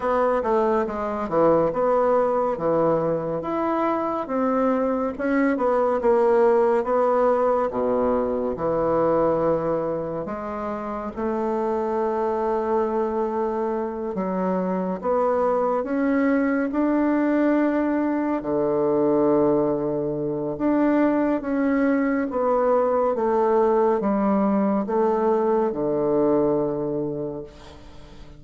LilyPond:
\new Staff \with { instrumentName = "bassoon" } { \time 4/4 \tempo 4 = 70 b8 a8 gis8 e8 b4 e4 | e'4 c'4 cis'8 b8 ais4 | b4 b,4 e2 | gis4 a2.~ |
a8 fis4 b4 cis'4 d'8~ | d'4. d2~ d8 | d'4 cis'4 b4 a4 | g4 a4 d2 | }